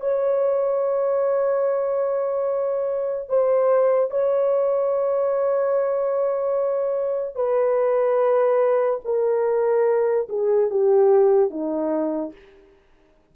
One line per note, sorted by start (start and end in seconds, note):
0.00 3.29 C#5
3.29 4.10 C5
4.10 7.35 C#5
7.35 9.00 B4
9.04 10.27 A#4
10.29 10.70 G#4
10.70 11.50 G4
11.50 12.32 D#4